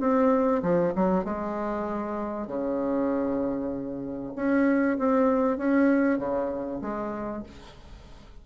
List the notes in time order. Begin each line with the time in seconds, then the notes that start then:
0.00 C4
0.62 F3
0.95 F#3
1.24 G#3
2.47 C#3
4.36 C#4
4.98 C4
5.57 C#4
6.18 C#3
6.81 G#3